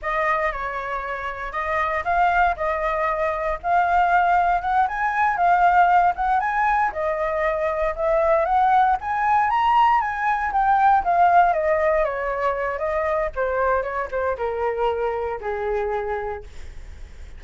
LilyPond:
\new Staff \with { instrumentName = "flute" } { \time 4/4 \tempo 4 = 117 dis''4 cis''2 dis''4 | f''4 dis''2 f''4~ | f''4 fis''8 gis''4 f''4. | fis''8 gis''4 dis''2 e''8~ |
e''8 fis''4 gis''4 ais''4 gis''8~ | gis''8 g''4 f''4 dis''4 cis''8~ | cis''4 dis''4 c''4 cis''8 c''8 | ais'2 gis'2 | }